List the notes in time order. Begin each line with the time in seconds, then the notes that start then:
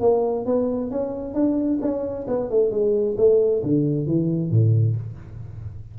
0.00 A#3
0.45 B3
0.90 C#4
1.34 D4
1.81 C#4
2.27 B3
2.50 A3
2.71 G#3
3.17 A3
3.63 D3
4.06 E3
4.51 A2